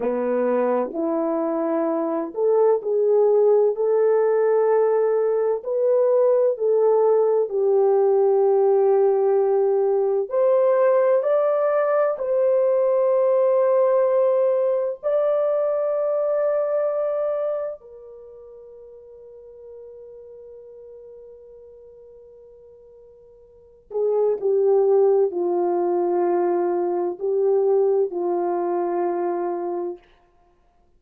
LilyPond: \new Staff \with { instrumentName = "horn" } { \time 4/4 \tempo 4 = 64 b4 e'4. a'8 gis'4 | a'2 b'4 a'4 | g'2. c''4 | d''4 c''2. |
d''2. ais'4~ | ais'1~ | ais'4. gis'8 g'4 f'4~ | f'4 g'4 f'2 | }